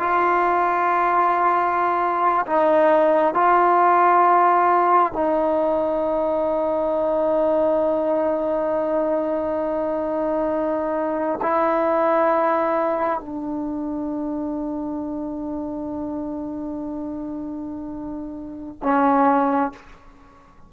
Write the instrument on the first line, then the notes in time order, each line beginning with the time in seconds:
trombone
0.00 F4
2.47 D#4
3.34 F4
5.13 D#4
11.42 E4
13.20 D4
18.83 C#4